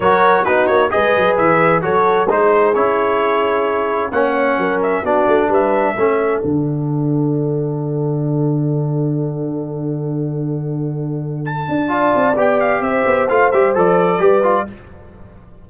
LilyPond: <<
  \new Staff \with { instrumentName = "trumpet" } { \time 4/4 \tempo 4 = 131 cis''4 b'8 cis''8 dis''4 e''4 | cis''4 c''4 cis''2~ | cis''4 fis''4. e''8 d''4 | e''2 fis''2~ |
fis''1~ | fis''1~ | fis''4 a''2 g''8 f''8 | e''4 f''8 e''8 d''2 | }
  \new Staff \with { instrumentName = "horn" } { \time 4/4 ais'4 fis'4 b'2 | a'4 gis'2.~ | gis'4 cis''4 ais'4 fis'4 | b'4 a'2.~ |
a'1~ | a'1~ | a'2 d''2 | c''2. b'4 | }
  \new Staff \with { instrumentName = "trombone" } { \time 4/4 fis'4 dis'4 gis'2 | fis'4 dis'4 e'2~ | e'4 cis'2 d'4~ | d'4 cis'4 d'2~ |
d'1~ | d'1~ | d'2 f'4 g'4~ | g'4 f'8 g'8 a'4 g'8 f'8 | }
  \new Staff \with { instrumentName = "tuba" } { \time 4/4 fis4 b8 ais8 gis8 fis8 e4 | fis4 gis4 cis'2~ | cis'4 ais4 fis4 b8 a8 | g4 a4 d2~ |
d1~ | d1~ | d4. d'4 c'8 b4 | c'8 b8 a8 g8 f4 g4 | }
>>